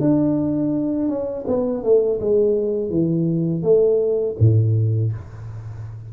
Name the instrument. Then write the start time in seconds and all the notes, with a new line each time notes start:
tuba
0.00 D4
1.08 C#4
1.47 B3
1.83 A3
2.20 G#3
2.90 E3
3.63 A3
4.39 A2